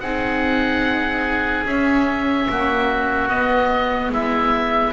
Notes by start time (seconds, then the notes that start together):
0.00 C4 D#4 G#4 F#5
1.65 C#4 E5
2.49 A#3 F#4
3.29 B3 D#5
4.10 G#3 E4 E5